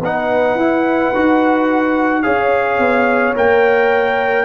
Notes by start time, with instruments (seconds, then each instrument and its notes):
0.00 tuba B3, trombone D#4, horn B4, trumpet F#5
0.56 tuba E4, trombone E4
1.15 tuba D#4, trombone F#4
2.23 tuba C#4, trombone G#4, horn C#5, trumpet F5
2.78 tuba B3
3.35 tuba A#3, trombone A#4, trumpet G5